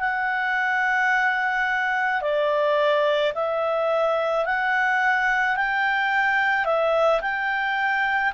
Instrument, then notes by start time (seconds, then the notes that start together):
clarinet
0.00 F#5
2.21 D5
3.34 E5
4.45 F#5
5.56 G5
6.65 E5
7.22 G5